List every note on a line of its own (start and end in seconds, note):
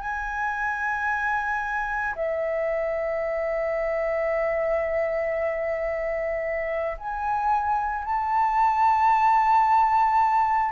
0.00 2.14 G#5
2.15 6.97 E5
6.98 8.05 G#5
8.05 10.71 A5